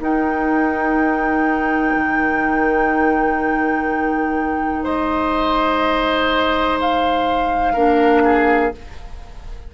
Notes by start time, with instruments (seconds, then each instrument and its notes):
0.00 clarinet D#4, bassoon D#4, oboe A#4, flute G5
1.96 bassoon D#3
4.84 bassoon G#3, oboe C5, flute D#5
6.81 flute F5
7.74 bassoon A#3, clarinet D4, oboe A#4
8.25 oboe G#4